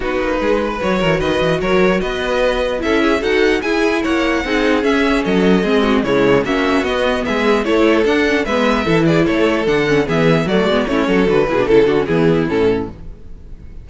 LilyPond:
<<
  \new Staff \with { instrumentName = "violin" } { \time 4/4 \tempo 4 = 149 b'2 cis''4 dis''4 | cis''4 dis''2 e''4 | fis''4 gis''4 fis''2 | e''4 dis''2 cis''4 |
e''4 dis''4 e''4 cis''4 | fis''4 e''4. d''8 cis''4 | fis''4 e''4 d''4 cis''4 | b'4 a'8 fis'8 gis'4 a'4 | }
  \new Staff \with { instrumentName = "violin" } { \time 4/4 fis'4 gis'8 b'4 ais'8 b'4 | ais'4 b'2 a'8 gis'8 | a'4 gis'4 cis''4 gis'4~ | gis'4 a'4 gis'8 fis'8 e'4 |
fis'2 gis'4 a'4~ | a'4 b'4 a'8 gis'8 a'4~ | a'4 gis'4 fis'4 e'8 a'8~ | a'8 gis'8 a'4 e'2 | }
  \new Staff \with { instrumentName = "viola" } { \time 4/4 dis'2 fis'2~ | fis'2. e'4 | fis'4 e'2 dis'4 | cis'2 c'4 gis4 |
cis'4 b2 e'4 | d'8 cis'8 b4 e'2 | d'8 cis'8 b4 a8 b8 cis'4 | fis'8 e'16 d'16 e'8 d'16 cis'16 b4 cis'4 | }
  \new Staff \with { instrumentName = "cello" } { \time 4/4 b8 ais8 gis4 fis8 e8 dis8 e8 | fis4 b2 cis'4 | dis'4 e'4 ais4 c'4 | cis'4 fis4 gis4 cis4 |
ais4 b4 gis4 a4 | d'4 gis4 e4 a4 | d4 e4 fis8 gis8 a8 fis8 | d8 b,8 cis8 d8 e4 a,4 | }
>>